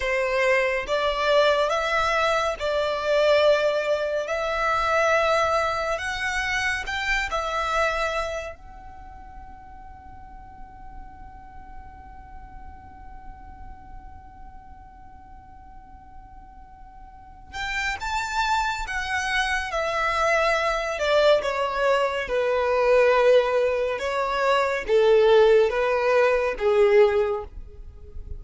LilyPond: \new Staff \with { instrumentName = "violin" } { \time 4/4 \tempo 4 = 70 c''4 d''4 e''4 d''4~ | d''4 e''2 fis''4 | g''8 e''4. fis''2~ | fis''1~ |
fis''1~ | fis''8 g''8 a''4 fis''4 e''4~ | e''8 d''8 cis''4 b'2 | cis''4 a'4 b'4 gis'4 | }